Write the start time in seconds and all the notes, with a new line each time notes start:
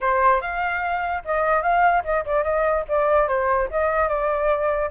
0.01 C5
0.41 F5
1.24 D#5
1.62 F5
2.04 D#5
2.25 D5
2.44 D#5
2.88 D5
3.27 C5
3.71 D#5
4.08 D5